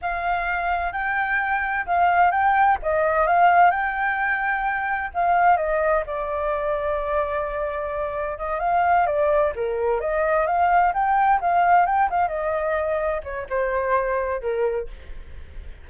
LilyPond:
\new Staff \with { instrumentName = "flute" } { \time 4/4 \tempo 4 = 129 f''2 g''2 | f''4 g''4 dis''4 f''4 | g''2. f''4 | dis''4 d''2.~ |
d''2 dis''8 f''4 d''8~ | d''8 ais'4 dis''4 f''4 g''8~ | g''8 f''4 g''8 f''8 dis''4.~ | dis''8 cis''8 c''2 ais'4 | }